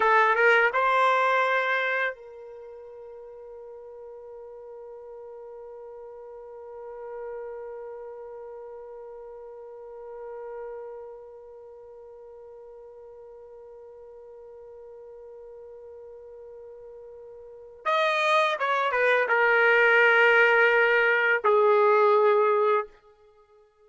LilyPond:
\new Staff \with { instrumentName = "trumpet" } { \time 4/4 \tempo 4 = 84 a'8 ais'8 c''2 ais'4~ | ais'1~ | ais'1~ | ais'1~ |
ais'1~ | ais'1~ | ais'4 dis''4 cis''8 b'8 ais'4~ | ais'2 gis'2 | }